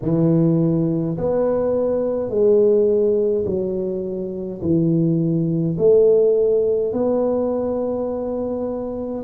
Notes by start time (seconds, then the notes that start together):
0.02 E3
1.17 B3
2.29 G#3
3.46 F#3
4.61 E3
5.77 A3
6.92 B3